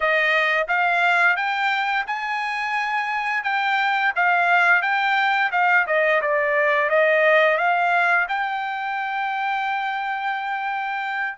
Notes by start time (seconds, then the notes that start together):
0.00 D#5
0.68 F5
1.36 G5
2.07 G#5
3.43 G5
4.15 F5
4.82 G5
5.51 F5
5.86 D#5
6.21 D5
6.89 D#5
7.57 F5
8.28 G5